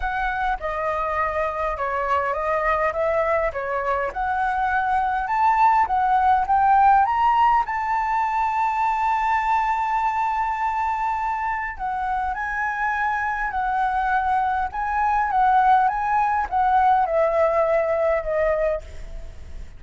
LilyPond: \new Staff \with { instrumentName = "flute" } { \time 4/4 \tempo 4 = 102 fis''4 dis''2 cis''4 | dis''4 e''4 cis''4 fis''4~ | fis''4 a''4 fis''4 g''4 | ais''4 a''2.~ |
a''1 | fis''4 gis''2 fis''4~ | fis''4 gis''4 fis''4 gis''4 | fis''4 e''2 dis''4 | }